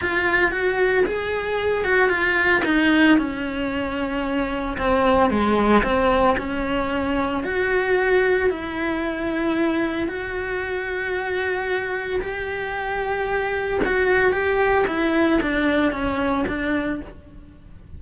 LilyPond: \new Staff \with { instrumentName = "cello" } { \time 4/4 \tempo 4 = 113 f'4 fis'4 gis'4. fis'8 | f'4 dis'4 cis'2~ | cis'4 c'4 gis4 c'4 | cis'2 fis'2 |
e'2. fis'4~ | fis'2. g'4~ | g'2 fis'4 g'4 | e'4 d'4 cis'4 d'4 | }